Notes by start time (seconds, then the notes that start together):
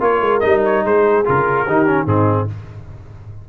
0.00 A#3 F4 A#4 C#5
0.21 G#3
0.40 G3 D#4 D#5
0.65 C#5
0.85 G#3 G#4 C5
1.25 C#3 F4 A#4
1.65 D#3 D#4 G4
1.86 C#4
2.05 G#2 C4 D#4 G#4